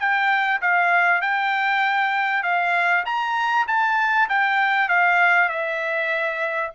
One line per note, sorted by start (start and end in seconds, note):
0.00 0.61 G5
0.62 1.22 F5
1.22 2.43 G5
2.43 3.04 F5
3.06 3.67 A#5
3.68 4.29 A5
4.29 4.89 G5
4.89 5.49 F5
5.49 6.72 E5